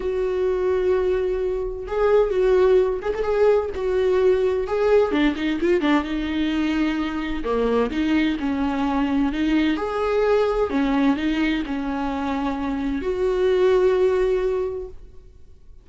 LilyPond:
\new Staff \with { instrumentName = "viola" } { \time 4/4 \tempo 4 = 129 fis'1 | gis'4 fis'4. gis'16 a'16 gis'4 | fis'2 gis'4 d'8 dis'8 | f'8 d'8 dis'2. |
ais4 dis'4 cis'2 | dis'4 gis'2 cis'4 | dis'4 cis'2. | fis'1 | }